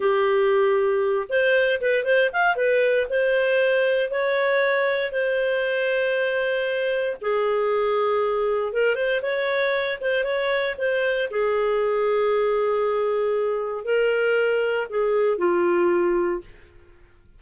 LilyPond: \new Staff \with { instrumentName = "clarinet" } { \time 4/4 \tempo 4 = 117 g'2~ g'8 c''4 b'8 | c''8 f''8 b'4 c''2 | cis''2 c''2~ | c''2 gis'2~ |
gis'4 ais'8 c''8 cis''4. c''8 | cis''4 c''4 gis'2~ | gis'2. ais'4~ | ais'4 gis'4 f'2 | }